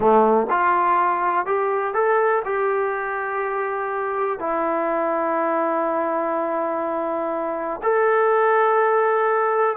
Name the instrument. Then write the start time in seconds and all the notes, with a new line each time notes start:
trombone
0.00 A3
0.50 F4
1.46 G4
1.94 A4
2.44 G4
4.39 E4
7.82 A4